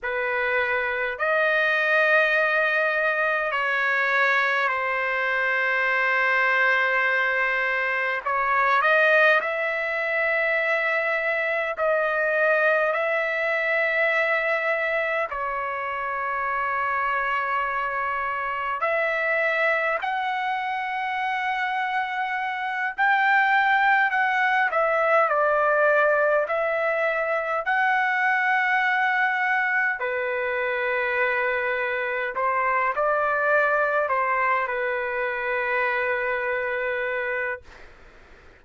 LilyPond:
\new Staff \with { instrumentName = "trumpet" } { \time 4/4 \tempo 4 = 51 b'4 dis''2 cis''4 | c''2. cis''8 dis''8 | e''2 dis''4 e''4~ | e''4 cis''2. |
e''4 fis''2~ fis''8 g''8~ | g''8 fis''8 e''8 d''4 e''4 fis''8~ | fis''4. b'2 c''8 | d''4 c''8 b'2~ b'8 | }